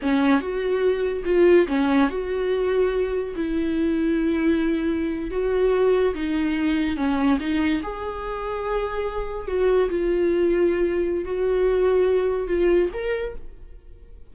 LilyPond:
\new Staff \with { instrumentName = "viola" } { \time 4/4 \tempo 4 = 144 cis'4 fis'2 f'4 | cis'4 fis'2. | e'1~ | e'8. fis'2 dis'4~ dis'16~ |
dis'8. cis'4 dis'4 gis'4~ gis'16~ | gis'2~ gis'8. fis'4 f'16~ | f'2. fis'4~ | fis'2 f'4 ais'4 | }